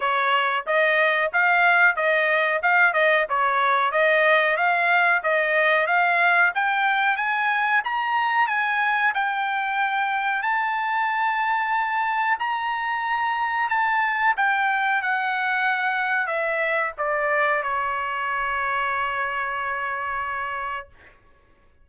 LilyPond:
\new Staff \with { instrumentName = "trumpet" } { \time 4/4 \tempo 4 = 92 cis''4 dis''4 f''4 dis''4 | f''8 dis''8 cis''4 dis''4 f''4 | dis''4 f''4 g''4 gis''4 | ais''4 gis''4 g''2 |
a''2. ais''4~ | ais''4 a''4 g''4 fis''4~ | fis''4 e''4 d''4 cis''4~ | cis''1 | }